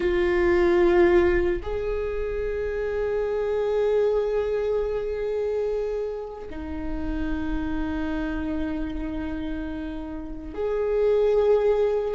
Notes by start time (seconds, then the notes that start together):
0.00 F4
1.62 G#4
6.49 D#4
10.54 G#4